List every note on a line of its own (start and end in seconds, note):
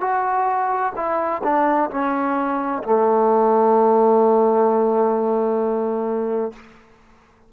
0.00 0.92 F#4
0.96 1.42 E4
1.43 1.90 D4
1.90 2.82 C#4
2.83 6.52 A3